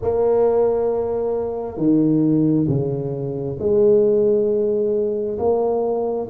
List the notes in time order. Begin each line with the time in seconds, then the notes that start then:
0.01 A#3
1.77 D#3
2.68 C#3
3.59 G#3
5.38 A#3